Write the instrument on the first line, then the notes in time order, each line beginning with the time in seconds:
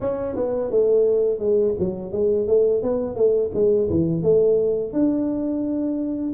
tuba
0.01 C#4
0.35 B3
0.70 A3
1.39 G#3
1.79 F#3
2.12 G#3
2.47 A3
2.82 B3
3.15 A3
3.54 G#3
3.89 E3
4.22 A3
4.92 D4